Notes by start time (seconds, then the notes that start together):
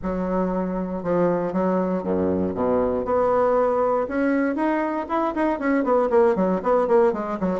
0.02 F#3
1.03 F3
1.53 F#3
2.03 F#2
2.54 B2
3.05 B3
4.08 C#4
4.55 D#4
5.08 E4
5.34 D#4
5.59 C#4
5.83 B3
6.10 A#3
6.35 F#3
6.62 B3
6.87 A#3
7.12 G#3
7.40 F#3